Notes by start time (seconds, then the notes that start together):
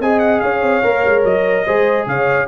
0.00 C4 G#4 D#5 G#5
0.19 F#5
0.40 C#4 C#5 F5
0.62 C4
0.83 A#3 A#4
1.05 G#3
1.24 F#3 D#5
1.66 G#3 G#4 C5
2.07 C#3 C#5 F5